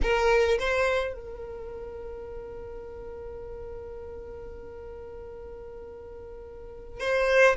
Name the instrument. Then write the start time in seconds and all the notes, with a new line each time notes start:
violin
0.02 A#4
0.59 C5
1.13 A#4
6.99 C5